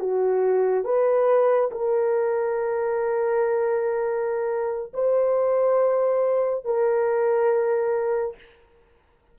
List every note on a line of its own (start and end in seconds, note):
0.00 0.85 F#4
0.85 1.71 B4
1.71 4.93 A#4
4.94 6.65 C5
6.65 8.36 A#4